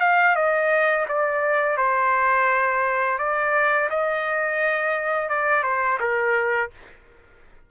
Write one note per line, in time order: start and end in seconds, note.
0.00 0.35 F5
0.35 1.06 D#5
1.08 1.77 D5
1.77 3.18 C5
3.18 3.89 D5
3.90 5.29 D#5
5.29 5.63 D5
5.63 5.98 C5
6.00 6.70 A#4